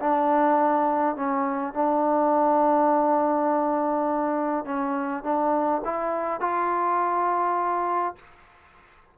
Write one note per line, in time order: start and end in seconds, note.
0.00 1.15 D4
1.15 1.73 C#4
1.73 4.65 D4
4.65 5.23 C#4
5.23 5.81 D4
5.85 6.41 E4
6.41 8.15 F4